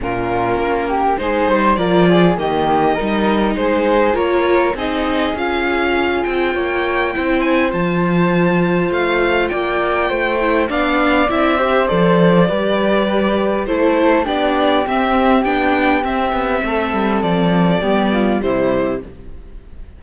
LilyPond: <<
  \new Staff \with { instrumentName = "violin" } { \time 4/4 \tempo 4 = 101 ais'2 c''4 d''4 | dis''2 c''4 cis''4 | dis''4 f''4. g''4.~ | g''8 gis''8 a''2 f''4 |
g''2 f''4 e''4 | d''2. c''4 | d''4 e''4 g''4 e''4~ | e''4 d''2 c''4 | }
  \new Staff \with { instrumentName = "flute" } { \time 4/4 f'4. g'8 gis'8 c''8 ais'8 gis'8 | g'4 ais'4 gis'4 ais'4 | gis'2. cis''4 | c''1 |
d''4 c''4 d''4. c''8~ | c''4 b'2 a'4 | g'1 | a'2 g'8 f'8 e'4 | }
  \new Staff \with { instrumentName = "viola" } { \time 4/4 cis'2 dis'4 f'4 | ais4 dis'2 f'4 | dis'4 f'2. | e'4 f'2.~ |
f'4. e'8 d'4 e'8 g'8 | a'4 g'2 e'4 | d'4 c'4 d'4 c'4~ | c'2 b4 g4 | }
  \new Staff \with { instrumentName = "cello" } { \time 4/4 ais,4 ais4 gis8 g8 f4 | dis4 g4 gis4 ais4 | c'4 cis'4. c'8 ais4 | c'4 f2 a4 |
ais4 a4 b4 c'4 | f4 g2 a4 | b4 c'4 b4 c'8 b8 | a8 g8 f4 g4 c4 | }
>>